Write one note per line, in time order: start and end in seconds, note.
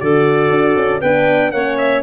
0.00 0.50 D3
0.00 1.02 F#4
0.00 1.01 A4
0.00 1.01 D5
0.50 0.76 D4
0.77 1.02 C#4
1.01 1.52 B3
1.01 1.55 D4
1.01 1.51 B4
1.01 1.52 G5
1.52 2.03 A#3
1.52 2.03 C#4
1.52 2.03 C#5
1.52 1.77 F#5
1.78 2.03 E5